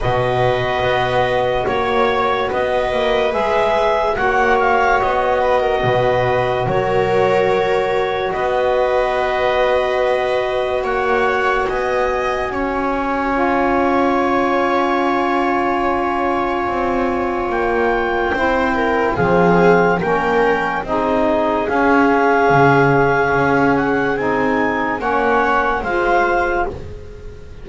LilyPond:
<<
  \new Staff \with { instrumentName = "clarinet" } { \time 4/4 \tempo 4 = 72 dis''2 cis''4 dis''4 | e''4 fis''8 f''8 dis''2 | cis''2 dis''2~ | dis''4 fis''4 gis''2~ |
gis''1~ | gis''4 g''2 f''4 | g''4 dis''4 f''2~ | f''8 fis''8 gis''4 fis''4 f''4 | }
  \new Staff \with { instrumentName = "viola" } { \time 4/4 b'2 cis''4 b'4~ | b'4 cis''4. b'16 ais'16 b'4 | ais'2 b'2~ | b'4 cis''4 dis''4 cis''4~ |
cis''1~ | cis''2 c''8 ais'8 gis'4 | ais'4 gis'2.~ | gis'2 cis''4 c''4 | }
  \new Staff \with { instrumentName = "saxophone" } { \time 4/4 fis'1 | gis'4 fis'2.~ | fis'1~ | fis'1 |
f'1~ | f'2 e'4 c'4 | cis'4 dis'4 cis'2~ | cis'4 dis'4 cis'4 f'4 | }
  \new Staff \with { instrumentName = "double bass" } { \time 4/4 b,4 b4 ais4 b8 ais8 | gis4 ais4 b4 b,4 | fis2 b2~ | b4 ais4 b4 cis'4~ |
cis'1 | c'4 ais4 c'4 f4 | ais4 c'4 cis'4 cis4 | cis'4 c'4 ais4 gis4 | }
>>